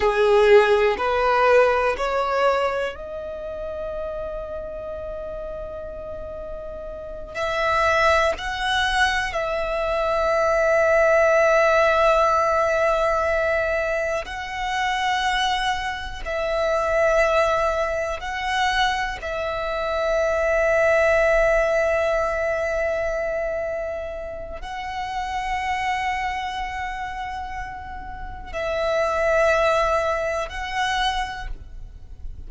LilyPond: \new Staff \with { instrumentName = "violin" } { \time 4/4 \tempo 4 = 61 gis'4 b'4 cis''4 dis''4~ | dis''2.~ dis''8 e''8~ | e''8 fis''4 e''2~ e''8~ | e''2~ e''8 fis''4.~ |
fis''8 e''2 fis''4 e''8~ | e''1~ | e''4 fis''2.~ | fis''4 e''2 fis''4 | }